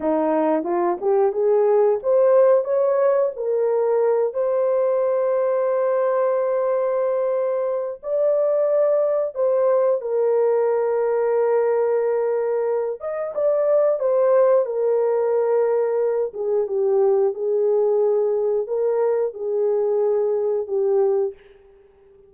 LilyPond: \new Staff \with { instrumentName = "horn" } { \time 4/4 \tempo 4 = 90 dis'4 f'8 g'8 gis'4 c''4 | cis''4 ais'4. c''4.~ | c''1 | d''2 c''4 ais'4~ |
ais'2.~ ais'8 dis''8 | d''4 c''4 ais'2~ | ais'8 gis'8 g'4 gis'2 | ais'4 gis'2 g'4 | }